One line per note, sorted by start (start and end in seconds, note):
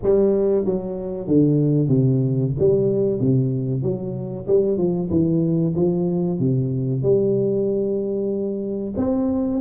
0.03 0.65 G3
0.65 1.27 F#3
1.27 1.88 D3
1.88 2.52 C3
2.59 3.20 G3
3.20 3.82 C3
3.82 4.46 F#3
4.47 4.77 G3
4.77 5.09 F3
5.10 5.74 E3
5.75 6.39 F3
6.39 7.02 C3
7.02 8.94 G3
8.97 9.60 C4